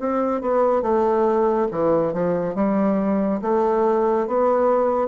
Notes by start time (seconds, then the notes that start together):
0.00 C4
0.41 B3
0.82 A3
1.71 E3
2.13 F3
2.55 G3
3.42 A3
4.27 B3